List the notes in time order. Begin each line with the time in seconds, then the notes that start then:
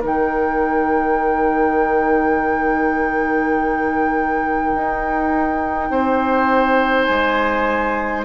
0.00 D#3 D#4 A#4 G5
4.74 D#4
5.90 C4 C5
7.04 G#3 G#5